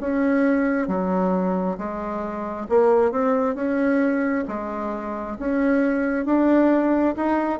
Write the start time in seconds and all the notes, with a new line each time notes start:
0.00 C#4
0.88 F#3
1.77 G#3
2.69 A#3
3.11 C4
3.55 C#4
4.48 G#3
5.39 C#4
6.26 D4
7.16 D#4